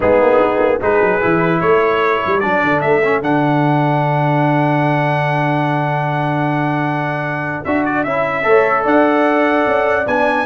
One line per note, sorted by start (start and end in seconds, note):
0.00 0.21 G#3
0.00 0.80 B3
0.00 0.79 D#4
0.00 0.81 G#4
0.21 0.41 A#3
0.42 0.59 B3
0.59 0.79 A#3
0.80 1.01 G#3
0.80 1.21 D#4
0.80 1.59 G#4
0.80 1.60 B4
1.02 1.22 F#3
1.21 1.61 E3
1.21 2.41 E4
1.59 2.21 A3
1.59 8.43 A4
1.59 2.40 C#5
2.26 2.44 G3
2.40 2.63 F#3
2.40 3.01 D4
2.40 2.80 D5
2.63 2.83 D3
2.80 3.21 A3
2.80 3.20 E5
3.03 3.22 C#4
3.21 7.64 D3
3.21 7.65 D4
3.21 7.64 F#5
7.64 8.05 D4
7.64 8.06 F#4
7.64 7.84 E5
7.85 8.03 D5
8.03 8.44 C#4
8.03 8.43 E4
8.03 8.84 E5
8.43 8.85 A3
8.43 10.04 A4
8.43 8.83 C#5
8.83 9.65 D4
8.83 10.44 D5
8.83 10.07 F#5
9.66 10.06 C#4
10.06 10.46 B3
10.06 10.46 D4
10.06 10.46 G#5